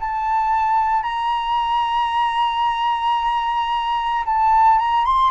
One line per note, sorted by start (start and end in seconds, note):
0.00 1.03 A5
1.03 4.25 A#5
4.26 4.79 A5
4.79 5.06 A#5
5.06 5.31 C6